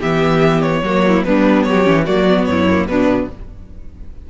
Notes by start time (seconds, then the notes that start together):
0.00 E3 B3 G4 E5
0.62 C#5
0.82 F#3 A#3 F#4
1.08 E4
1.24 G3 B3 D4 B4
1.63 F#3 G4 C#5
1.84 E3 C#4
2.06 F#3 A#3 F#4 D5
2.28 B3
2.45 F#2 C#5
2.51 E4
2.70 A#3
2.87 B2 B3 D4 B4